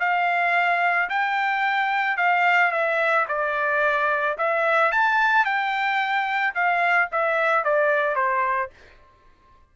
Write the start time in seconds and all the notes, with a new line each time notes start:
0.00 F5
1.10 G5
2.17 F5
2.71 E5
3.29 D5
4.38 E5
4.92 A5
5.45 G5
6.55 F5
7.12 E5
7.64 D5
8.16 C5